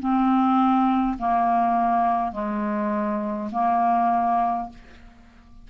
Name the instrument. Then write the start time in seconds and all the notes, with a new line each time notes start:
clarinet
0.00 C4
1.19 A#3
2.32 G#3
3.52 A#3